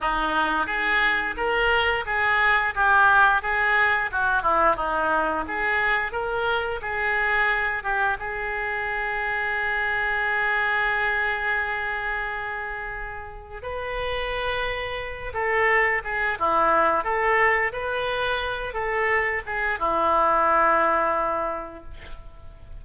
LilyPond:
\new Staff \with { instrumentName = "oboe" } { \time 4/4 \tempo 4 = 88 dis'4 gis'4 ais'4 gis'4 | g'4 gis'4 fis'8 e'8 dis'4 | gis'4 ais'4 gis'4. g'8 | gis'1~ |
gis'1 | b'2~ b'8 a'4 gis'8 | e'4 a'4 b'4. a'8~ | a'8 gis'8 e'2. | }